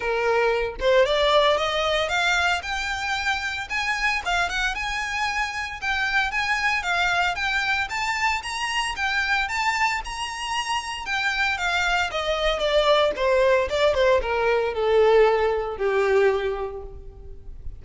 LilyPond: \new Staff \with { instrumentName = "violin" } { \time 4/4 \tempo 4 = 114 ais'4. c''8 d''4 dis''4 | f''4 g''2 gis''4 | f''8 fis''8 gis''2 g''4 | gis''4 f''4 g''4 a''4 |
ais''4 g''4 a''4 ais''4~ | ais''4 g''4 f''4 dis''4 | d''4 c''4 d''8 c''8 ais'4 | a'2 g'2 | }